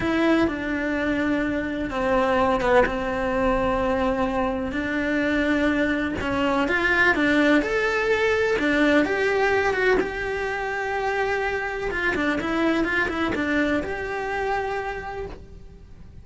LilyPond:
\new Staff \with { instrumentName = "cello" } { \time 4/4 \tempo 4 = 126 e'4 d'2. | c'4. b8 c'2~ | c'2 d'2~ | d'4 cis'4 f'4 d'4 |
a'2 d'4 g'4~ | g'8 fis'8 g'2.~ | g'4 f'8 d'8 e'4 f'8 e'8 | d'4 g'2. | }